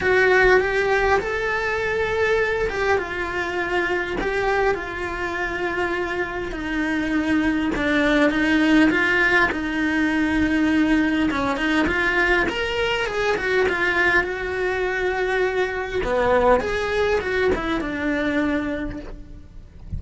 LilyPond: \new Staff \with { instrumentName = "cello" } { \time 4/4 \tempo 4 = 101 fis'4 g'4 a'2~ | a'8 g'8 f'2 g'4 | f'2. dis'4~ | dis'4 d'4 dis'4 f'4 |
dis'2. cis'8 dis'8 | f'4 ais'4 gis'8 fis'8 f'4 | fis'2. b4 | gis'4 fis'8 e'8 d'2 | }